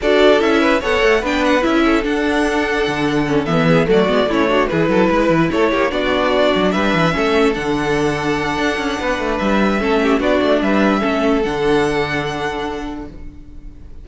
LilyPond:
<<
  \new Staff \with { instrumentName = "violin" } { \time 4/4 \tempo 4 = 147 d''4 e''4 fis''4 g''8 fis''8 | e''4 fis''2.~ | fis''8 e''4 d''4 cis''4 b'8~ | b'4. cis''4 d''4.~ |
d''8 e''2 fis''4.~ | fis''2. e''4~ | e''4 d''4 e''2 | fis''1 | }
  \new Staff \with { instrumentName = "violin" } { \time 4/4 a'4. b'8 cis''4 b'4~ | b'8 a'2.~ a'8~ | a'4 gis'8 fis'4 e'8 fis'8 gis'8 | a'8 b'4 a'8 g'8 fis'4.~ |
fis'8 b'4 a'2~ a'8~ | a'2 b'2 | a'8 g'8 fis'4 b'4 a'4~ | a'1 | }
  \new Staff \with { instrumentName = "viola" } { \time 4/4 fis'4 e'4 a'4 d'4 | e'4 d'2. | cis'8 b4 a8 b8 cis'8 d'8 e'8~ | e'2~ e'8 d'4.~ |
d'4. cis'4 d'4.~ | d'1 | cis'4 d'2 cis'4 | d'1 | }
  \new Staff \with { instrumentName = "cello" } { \time 4/4 d'4 cis'4 b8 a8 b4 | cis'4 d'2 d4~ | d8 e4 fis8 gis8 a4 e8 | fis8 gis8 e8 a8 ais8 b4. |
fis8 g8 e8 a4 d4.~ | d4 d'8 cis'8 b8 a8 g4 | a4 b8 a8 g4 a4 | d1 | }
>>